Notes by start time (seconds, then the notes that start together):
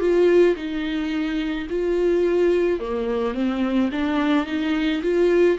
0.00 F4
0.56 D#4
1.70 F4
2.80 A#3
3.34 C4
3.92 D4
4.46 D#4
5.03 F4